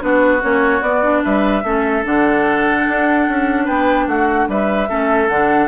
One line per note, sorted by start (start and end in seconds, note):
0.00 0.43 B3
0.00 0.41 D4
0.00 1.24 F#4
0.00 0.42 B4
0.41 0.81 A#3
0.41 0.82 C#4
0.41 0.83 C#5
0.81 1.22 B3
0.81 1.03 B3
0.81 1.23 D5
1.03 1.64 D4
1.24 1.64 G3
1.24 1.64 B4
1.24 2.05 E5
1.64 2.04 A3
1.64 2.04 C#4
1.64 3.65 A4
2.04 2.87 D3
2.04 4.88 D4
2.04 3.67 F#5
2.88 3.28 D4
3.28 3.68 C#4
3.65 4.07 B3
3.65 4.05 B4
3.65 4.07 G5
4.07 4.47 A3
4.07 4.49 F#4
4.07 4.49 F#5
4.48 4.89 G3
4.48 4.89 B4
4.48 5.29 E5
4.89 5.29 A3
4.89 5.29 C#4
4.89 5.68 A4
5.29 5.68 D3
5.29 5.68 D4
5.29 5.68 F#5